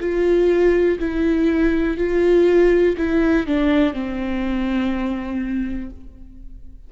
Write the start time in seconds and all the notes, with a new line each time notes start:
0.00 F4
0.99 E4
1.97 F4
2.97 E4
3.46 D4
3.93 C4